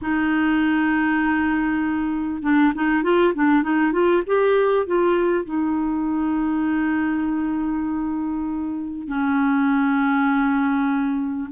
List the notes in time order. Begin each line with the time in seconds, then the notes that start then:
0.01 D#4
2.42 D4
2.74 D#4
3.03 F4
3.34 D4
3.62 D#4
3.92 F4
4.26 G4
4.86 F4
5.44 D#4
9.07 C#4